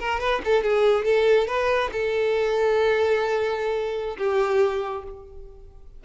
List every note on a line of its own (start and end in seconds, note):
0.00 0.20 A#4
0.20 0.41 B4
0.44 0.63 A4
0.63 1.04 G#4
1.04 1.47 A4
1.47 1.90 B4
1.92 4.17 A4
4.18 5.04 G4